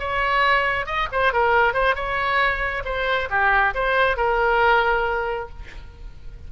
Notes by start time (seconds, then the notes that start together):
0.00 C#5
0.86 D#5
1.12 C5
1.33 A#4
1.74 C5
1.95 C#5
2.85 C5
3.30 G4
3.75 C5
4.17 A#4